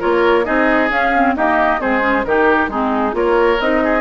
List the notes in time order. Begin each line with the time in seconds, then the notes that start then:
0.00 A#3 F4 A#4 C#5
0.44 C4 D#4 G#4 D#5
0.90 C#4 F5
1.15 C4
1.36 A#3 D#4 G4 D#5
1.80 G#3 C4 G#4 C5
2.01 C#4
2.25 D#3 D#4 G4 A#4
2.68 G#3 C4 D#4 G#4
3.12 A#3 F4 A#4 C#5
3.60 C4 D#4 D#5
3.84 G#4